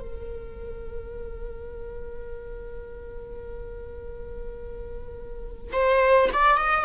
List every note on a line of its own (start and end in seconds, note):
0.00 5.71 A#4
5.72 6.30 C5
6.33 6.58 D5
6.58 6.85 D#5